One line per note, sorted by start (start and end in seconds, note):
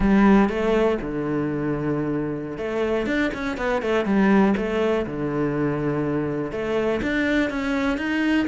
0.00 0.49 G3
0.49 0.98 A3
1.01 2.57 D3
2.57 3.06 A3
3.06 3.31 D4
3.34 3.57 C#4
3.57 3.81 B3
3.82 4.05 A3
4.05 4.54 G3
4.56 5.05 A3
5.06 6.51 D3
6.51 7.01 A3
7.02 7.50 D4
7.50 7.97 C#4
7.97 8.46 D#4